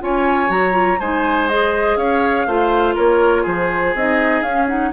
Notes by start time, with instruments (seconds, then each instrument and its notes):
0.00 bassoon C#4, clarinet F4, oboe C#5, flute G#5
0.48 bassoon F#3, clarinet F#4, flute A#5
0.73 clarinet F4
1.00 bassoon G#3, clarinet D#4, oboe C5, flute G#5
1.48 clarinet G#4, flute D#5
1.96 bassoon C#4, oboe C#5, flute F5
2.47 bassoon A3, clarinet F4, oboe C5
2.95 bassoon A#3, oboe A#4, flute C#5
3.43 bassoon F3, oboe G#4, flute C5
3.95 bassoon C4, clarinet D#4, flute D#5
4.43 bassoon C#4, clarinet C#4, flute F5
4.68 clarinet D#4, flute F#5